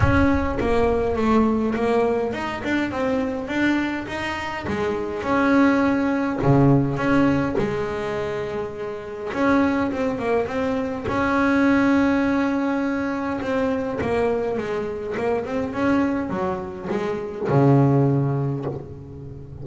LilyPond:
\new Staff \with { instrumentName = "double bass" } { \time 4/4 \tempo 4 = 103 cis'4 ais4 a4 ais4 | dis'8 d'8 c'4 d'4 dis'4 | gis4 cis'2 cis4 | cis'4 gis2. |
cis'4 c'8 ais8 c'4 cis'4~ | cis'2. c'4 | ais4 gis4 ais8 c'8 cis'4 | fis4 gis4 cis2 | }